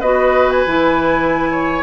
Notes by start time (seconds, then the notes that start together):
0.00 B3 F#4 B4 D#5
0.51 G#5
0.67 E3 E4
1.52 C#5